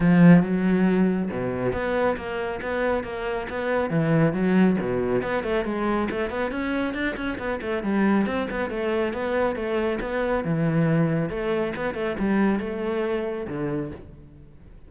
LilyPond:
\new Staff \with { instrumentName = "cello" } { \time 4/4 \tempo 4 = 138 f4 fis2 b,4 | b4 ais4 b4 ais4 | b4 e4 fis4 b,4 | b8 a8 gis4 a8 b8 cis'4 |
d'8 cis'8 b8 a8 g4 c'8 b8 | a4 b4 a4 b4 | e2 a4 b8 a8 | g4 a2 d4 | }